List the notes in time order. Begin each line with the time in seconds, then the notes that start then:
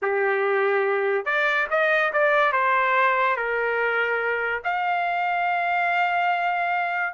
0.02 G4
1.25 D5
1.70 D#5
2.12 D5
2.52 C5
3.36 A#4
4.64 F5